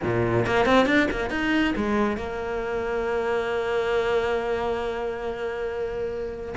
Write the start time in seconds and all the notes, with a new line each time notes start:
0.03 A#2
0.46 A#3
0.65 C4
0.85 D4
1.10 A#3
1.30 D#4
1.76 G#3
2.17 A#3